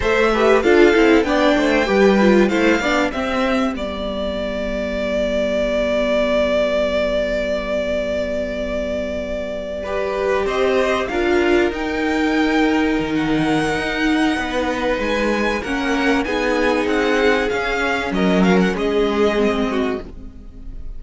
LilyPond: <<
  \new Staff \with { instrumentName = "violin" } { \time 4/4 \tempo 4 = 96 e''4 f''4 g''2 | f''4 e''4 d''2~ | d''1~ | d''1~ |
d''8. dis''4 f''4 g''4~ g''16~ | g''4 fis''2. | gis''4 fis''4 gis''4 fis''4 | f''4 dis''8 f''16 fis''16 dis''2 | }
  \new Staff \with { instrumentName = "violin" } { \time 4/4 c''8 b'8 a'4 d''8 c''8 b'4 | c''8 d''8 g'2.~ | g'1~ | g'2.~ g'8. b'16~ |
b'8. c''4 ais'2~ ais'16~ | ais'2. b'4~ | b'4 ais'4 gis'2~ | gis'4 ais'4 gis'4. fis'8 | }
  \new Staff \with { instrumentName = "viola" } { \time 4/4 a'8 g'8 f'8 e'8 d'4 g'8 f'8 | e'8 d'8 c'4 b2~ | b1~ | b2.~ b8. g'16~ |
g'4.~ g'16 f'4 dis'4~ dis'16~ | dis'1~ | dis'4 cis'4 dis'2 | cis'2. c'4 | }
  \new Staff \with { instrumentName = "cello" } { \time 4/4 a4 d'8 c'8 b8 a8 g4 | a8 b8 c'4 g2~ | g1~ | g1~ |
g8. c'4 d'4 dis'4~ dis'16~ | dis'8. dis4~ dis16 dis'4 b4 | gis4 ais4 b4 c'4 | cis'4 fis4 gis2 | }
>>